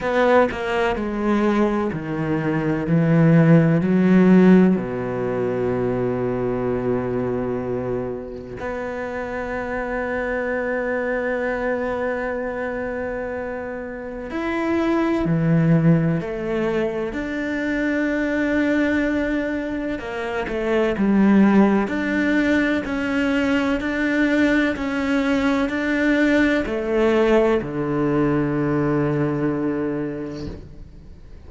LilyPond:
\new Staff \with { instrumentName = "cello" } { \time 4/4 \tempo 4 = 63 b8 ais8 gis4 dis4 e4 | fis4 b,2.~ | b,4 b2.~ | b2. e'4 |
e4 a4 d'2~ | d'4 ais8 a8 g4 d'4 | cis'4 d'4 cis'4 d'4 | a4 d2. | }